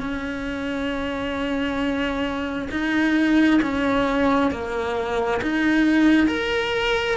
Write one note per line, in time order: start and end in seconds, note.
0.00 2.69 C#4
2.71 3.61 D#4
3.62 4.52 C#4
4.52 5.41 A#3
5.42 6.28 D#4
6.28 7.17 A#4